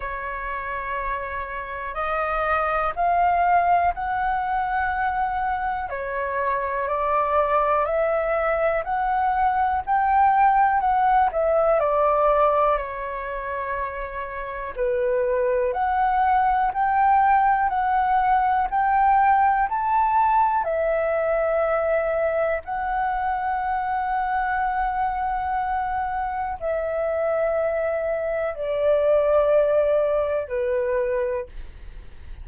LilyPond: \new Staff \with { instrumentName = "flute" } { \time 4/4 \tempo 4 = 61 cis''2 dis''4 f''4 | fis''2 cis''4 d''4 | e''4 fis''4 g''4 fis''8 e''8 | d''4 cis''2 b'4 |
fis''4 g''4 fis''4 g''4 | a''4 e''2 fis''4~ | fis''2. e''4~ | e''4 d''2 b'4 | }